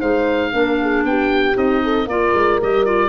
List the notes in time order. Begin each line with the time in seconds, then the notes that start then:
0.00 G#3 D#4 C5 F5
0.52 A#3 D4 A#4
0.81 G#4
1.05 B3 G4 G5
1.54 C4 D#4 D#5
1.84 A4
2.06 A#3 F4 A#4 D5
2.34 G#3
2.61 G3 G4 D#5
2.86 F4 D5